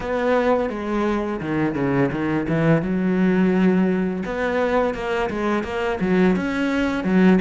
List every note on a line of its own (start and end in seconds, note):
0.00 0.69 B3
0.69 1.40 G#3
1.41 1.74 D#3
1.74 2.10 C#3
2.11 2.46 D#3
2.48 2.82 E3
2.82 4.23 F#3
4.25 4.94 B3
4.94 5.29 A#3
5.29 5.63 G#3
5.63 5.98 A#3
6.00 6.35 F#3
6.36 7.04 C#4
7.04 7.39 F#3